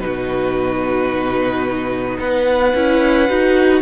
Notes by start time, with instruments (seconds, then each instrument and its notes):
0.00 cello B2, viola D#4, violin F#4 B4
2.19 cello B3, violin B4 F#5
2.75 cello C#4, viola E4
3.29 cello D#4, viola F#4